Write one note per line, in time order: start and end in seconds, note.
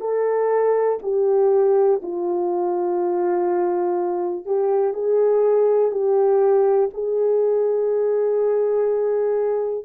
0.00 0.98 A4
1.02 2.00 G4
2.03 4.46 F4
4.46 4.94 G4
4.94 5.91 G#4
5.91 6.89 G4
6.93 9.85 G#4